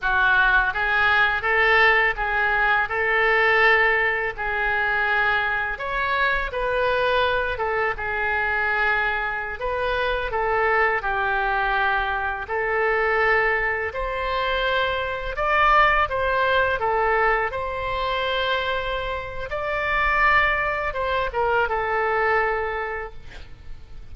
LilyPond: \new Staff \with { instrumentName = "oboe" } { \time 4/4 \tempo 4 = 83 fis'4 gis'4 a'4 gis'4 | a'2 gis'2 | cis''4 b'4. a'8 gis'4~ | gis'4~ gis'16 b'4 a'4 g'8.~ |
g'4~ g'16 a'2 c''8.~ | c''4~ c''16 d''4 c''4 a'8.~ | a'16 c''2~ c''8. d''4~ | d''4 c''8 ais'8 a'2 | }